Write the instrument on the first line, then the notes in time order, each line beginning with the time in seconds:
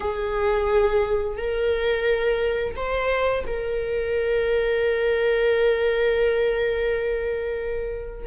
viola
0.00 G#4
1.37 A#4
2.76 C5
3.46 A#4